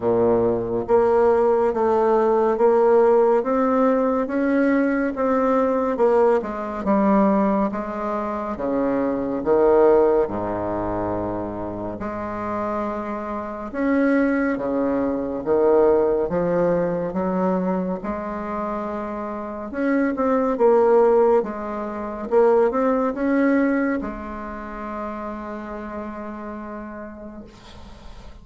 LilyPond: \new Staff \with { instrumentName = "bassoon" } { \time 4/4 \tempo 4 = 70 ais,4 ais4 a4 ais4 | c'4 cis'4 c'4 ais8 gis8 | g4 gis4 cis4 dis4 | gis,2 gis2 |
cis'4 cis4 dis4 f4 | fis4 gis2 cis'8 c'8 | ais4 gis4 ais8 c'8 cis'4 | gis1 | }